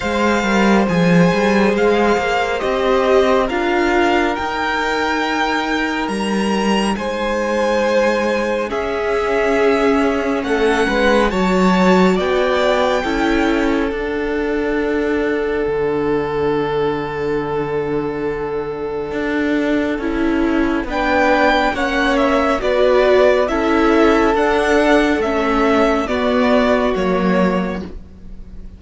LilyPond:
<<
  \new Staff \with { instrumentName = "violin" } { \time 4/4 \tempo 4 = 69 f''4 gis''4 f''4 dis''4 | f''4 g''2 ais''4 | gis''2 e''2 | fis''4 a''4 g''2 |
fis''1~ | fis''1 | g''4 fis''8 e''8 d''4 e''4 | fis''4 e''4 d''4 cis''4 | }
  \new Staff \with { instrumentName = "violin" } { \time 4/4 c''1 | ais'1 | c''2 gis'2 | a'8 b'8 cis''4 d''4 a'4~ |
a'1~ | a'1 | b'4 cis''4 b'4 a'4~ | a'2 fis'2 | }
  \new Staff \with { instrumentName = "viola" } { \time 4/4 c''8 ais'8 gis'2 g'4 | f'4 dis'2.~ | dis'2 cis'2~ | cis'4 fis'2 e'4 |
d'1~ | d'2. e'4 | d'4 cis'4 fis'4 e'4 | d'4 cis'4 b4 ais4 | }
  \new Staff \with { instrumentName = "cello" } { \time 4/4 gis8 g8 f8 g8 gis8 ais8 c'4 | d'4 dis'2 g4 | gis2 cis'2 | a8 gis8 fis4 b4 cis'4 |
d'2 d2~ | d2 d'4 cis'4 | b4 ais4 b4 cis'4 | d'4 a4 b4 fis4 | }
>>